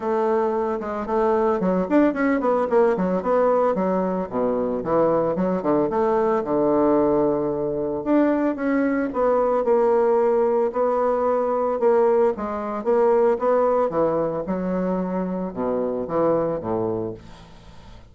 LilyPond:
\new Staff \with { instrumentName = "bassoon" } { \time 4/4 \tempo 4 = 112 a4. gis8 a4 fis8 d'8 | cis'8 b8 ais8 fis8 b4 fis4 | b,4 e4 fis8 d8 a4 | d2. d'4 |
cis'4 b4 ais2 | b2 ais4 gis4 | ais4 b4 e4 fis4~ | fis4 b,4 e4 a,4 | }